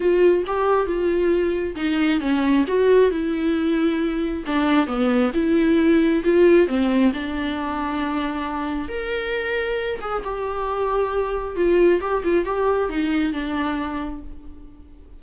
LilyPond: \new Staff \with { instrumentName = "viola" } { \time 4/4 \tempo 4 = 135 f'4 g'4 f'2 | dis'4 cis'4 fis'4 e'4~ | e'2 d'4 b4 | e'2 f'4 c'4 |
d'1 | ais'2~ ais'8 gis'8 g'4~ | g'2 f'4 g'8 f'8 | g'4 dis'4 d'2 | }